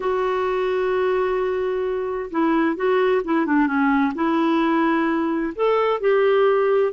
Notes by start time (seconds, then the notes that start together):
0.00 F#4
2.31 E4
2.75 F#4
3.24 E4
3.46 D4
3.66 C#4
4.15 E4
5.55 A4
6.00 G4